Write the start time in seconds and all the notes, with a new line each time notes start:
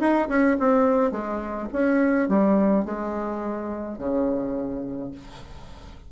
0.00 D#4
0.29 C#4
0.60 C4
1.12 G#3
1.73 C#4
2.29 G3
2.85 G#3
3.99 C#3